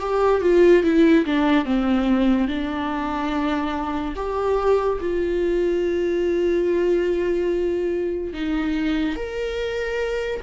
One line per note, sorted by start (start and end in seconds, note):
0.00 0.42 G4
0.42 0.83 F4
0.83 1.25 E4
1.25 1.65 D4
1.65 2.48 C4
2.48 4.14 D4
4.16 4.99 G4
5.01 8.33 F4
8.33 9.16 D#4
9.16 10.41 A#4